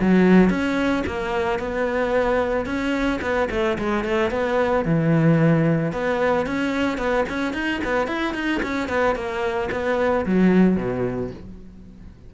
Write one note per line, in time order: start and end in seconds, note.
0.00 0.49 F#3
0.49 1.03 C#4
1.07 1.59 A#3
1.59 2.65 B3
2.65 3.19 C#4
3.21 3.48 B3
3.50 3.77 A3
3.78 4.04 G#3
4.04 4.30 A3
4.30 4.85 B3
4.85 5.92 E3
5.92 6.46 B3
6.46 6.98 C#4
6.98 7.25 B3
7.29 7.53 C#4
7.53 7.80 D#4
7.84 8.07 B3
8.07 8.34 E4
8.34 8.61 D#4
8.62 8.88 C#4
8.88 9.15 B3
9.15 9.69 A#3
9.71 10.25 B3
10.26 10.76 F#3
10.76 11.30 B2